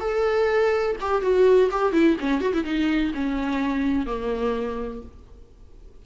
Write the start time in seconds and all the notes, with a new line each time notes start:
0.00 A4
1.00 G4
1.22 F#4
1.71 G4
1.92 E4
2.20 C#4
2.41 F#4
2.53 E4
2.64 D#4
3.14 C#4
4.06 A#3